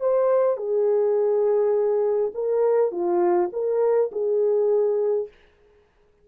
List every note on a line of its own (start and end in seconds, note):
0.00 0.57 C5
0.57 2.31 G#4
2.34 2.91 A#4
2.91 3.49 F4
3.52 4.10 A#4
4.11 5.28 G#4